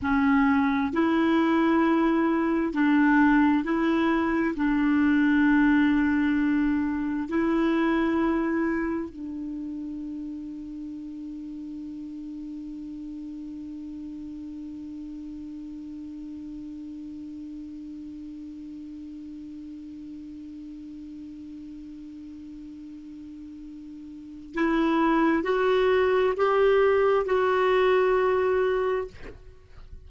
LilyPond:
\new Staff \with { instrumentName = "clarinet" } { \time 4/4 \tempo 4 = 66 cis'4 e'2 d'4 | e'4 d'2. | e'2 d'2~ | d'1~ |
d'1~ | d'1~ | d'2. e'4 | fis'4 g'4 fis'2 | }